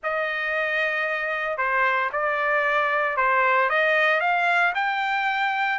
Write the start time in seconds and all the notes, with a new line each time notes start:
0.03 D#5
1.57 C5
2.12 D5
3.17 C5
3.69 D#5
4.20 F5
4.75 G5